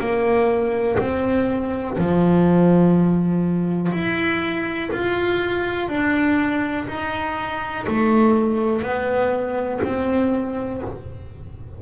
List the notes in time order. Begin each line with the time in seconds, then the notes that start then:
0.00 A#3
0.99 C4
1.98 F3
3.92 E4
4.92 F4
5.89 D4
6.88 D#4
7.87 A3
8.83 B3
9.84 C4